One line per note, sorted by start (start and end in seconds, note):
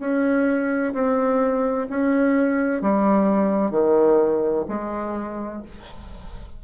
0.00 0.94 C#4
0.94 1.88 C4
1.90 2.82 C#4
2.82 3.71 G3
3.71 4.65 D#3
4.69 5.63 G#3